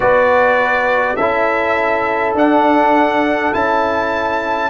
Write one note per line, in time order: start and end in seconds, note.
0.00 1.16 B3
0.00 1.17 F#4
0.00 1.16 B4
0.00 1.15 D5
1.15 2.33 C#4
1.15 2.36 E4
1.15 4.69 A4
1.15 2.33 E5
2.33 3.51 D4
2.33 3.53 D4
2.33 3.53 F#5
3.53 4.69 C#4
3.53 4.69 E4
3.53 4.69 A5